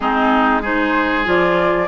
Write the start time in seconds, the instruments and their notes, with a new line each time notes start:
0.00 bassoon G#3, clarinet C4, oboe D#4, flute G#4
0.62 clarinet D#4, oboe G#4, flute C5
1.24 bassoon F3, clarinet F4, flute D5